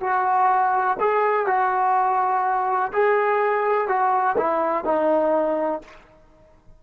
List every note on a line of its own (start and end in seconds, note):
0.00 0.97 F#4
1.00 1.46 G#4
1.46 2.92 F#4
2.92 3.88 G#4
3.88 4.36 F#4
4.37 4.85 E4
4.85 5.82 D#4